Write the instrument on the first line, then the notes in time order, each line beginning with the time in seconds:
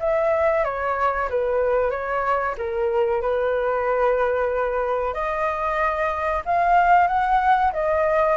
flute
0.00 E5
0.65 C#5
1.30 B4
1.91 C#5
2.58 A#4
3.22 B4
5.14 D#5
6.46 F5
7.08 F#5
7.73 D#5